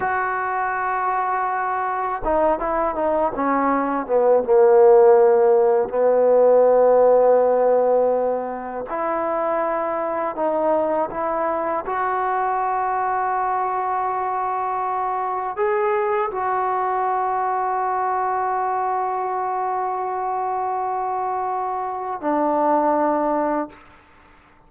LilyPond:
\new Staff \with { instrumentName = "trombone" } { \time 4/4 \tempo 4 = 81 fis'2. dis'8 e'8 | dis'8 cis'4 b8 ais2 | b1 | e'2 dis'4 e'4 |
fis'1~ | fis'4 gis'4 fis'2~ | fis'1~ | fis'2 d'2 | }